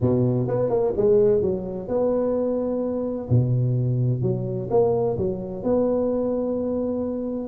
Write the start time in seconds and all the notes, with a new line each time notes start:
0.00 B2
0.47 B3
0.69 A#3
0.97 G#3
1.41 F#3
1.88 B3
3.29 B2
4.22 F#3
4.70 A#3
5.17 F#3
5.63 B3